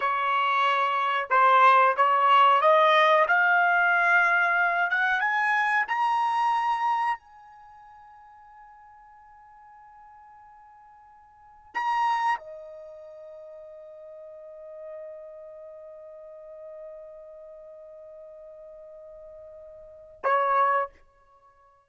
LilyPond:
\new Staff \with { instrumentName = "trumpet" } { \time 4/4 \tempo 4 = 92 cis''2 c''4 cis''4 | dis''4 f''2~ f''8 fis''8 | gis''4 ais''2 gis''4~ | gis''1~ |
gis''2 ais''4 dis''4~ | dis''1~ | dis''1~ | dis''2. cis''4 | }